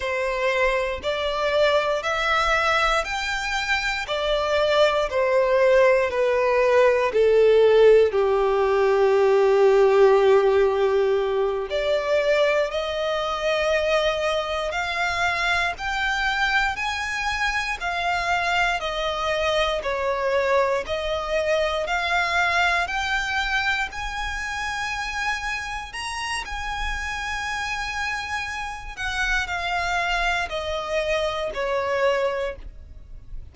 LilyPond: \new Staff \with { instrumentName = "violin" } { \time 4/4 \tempo 4 = 59 c''4 d''4 e''4 g''4 | d''4 c''4 b'4 a'4 | g'2.~ g'8 d''8~ | d''8 dis''2 f''4 g''8~ |
g''8 gis''4 f''4 dis''4 cis''8~ | cis''8 dis''4 f''4 g''4 gis''8~ | gis''4. ais''8 gis''2~ | gis''8 fis''8 f''4 dis''4 cis''4 | }